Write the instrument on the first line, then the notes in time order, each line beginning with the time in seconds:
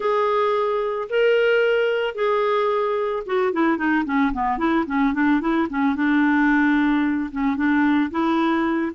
clarinet
0.00 G#4
1.09 A#4
2.14 G#4
3.26 F#4
3.53 E4
3.77 D#4
4.05 C#4
4.33 B3
4.58 E4
4.86 C#4
5.13 D4
5.40 E4
5.69 C#4
5.95 D4
7.31 C#4
7.56 D4
8.11 E4